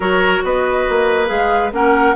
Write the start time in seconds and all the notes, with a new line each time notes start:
0.00 F#3 F#4 A#4 C#5
0.43 B3 B4 D#5
0.89 A#3
1.26 G#3 G#4 F5
1.72 A#3 C#4 A#4 F#5